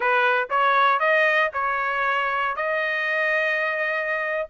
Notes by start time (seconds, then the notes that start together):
0.00 B4
0.49 C#5
0.99 D#5
1.53 C#5
2.55 D#5